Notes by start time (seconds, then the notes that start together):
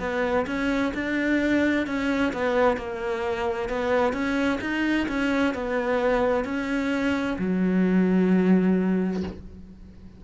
0.00 B3
0.47 C#4
0.95 D4
1.87 C#4
2.33 B3
2.77 A#3
3.69 B3
4.13 C#4
4.62 D#4
5.09 C#4
5.54 B3
6.45 C#4
7.39 F#3